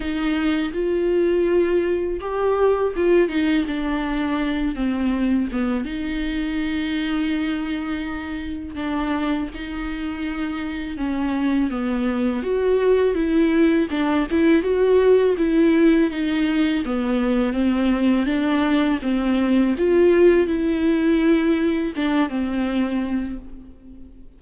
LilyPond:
\new Staff \with { instrumentName = "viola" } { \time 4/4 \tempo 4 = 82 dis'4 f'2 g'4 | f'8 dis'8 d'4. c'4 b8 | dis'1 | d'4 dis'2 cis'4 |
b4 fis'4 e'4 d'8 e'8 | fis'4 e'4 dis'4 b4 | c'4 d'4 c'4 f'4 | e'2 d'8 c'4. | }